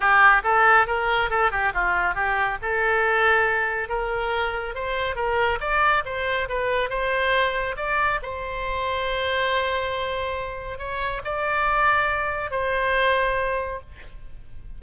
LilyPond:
\new Staff \with { instrumentName = "oboe" } { \time 4/4 \tempo 4 = 139 g'4 a'4 ais'4 a'8 g'8 | f'4 g'4 a'2~ | a'4 ais'2 c''4 | ais'4 d''4 c''4 b'4 |
c''2 d''4 c''4~ | c''1~ | c''4 cis''4 d''2~ | d''4 c''2. | }